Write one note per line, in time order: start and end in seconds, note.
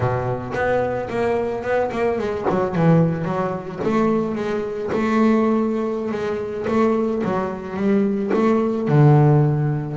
0.00 0.52 B2
0.54 1.08 B3
1.09 1.63 A#3
1.63 1.90 B3
1.91 2.18 A#3
2.18 2.45 G#3
2.49 2.75 F#3
2.75 3.25 E3
3.25 3.79 F#3
3.84 4.35 A3
4.35 4.89 G#3
4.92 6.11 A3
6.11 6.66 G#3
6.67 7.22 A3
7.24 7.76 F#3
7.76 8.31 G3
8.33 8.88 A3
8.88 9.96 D3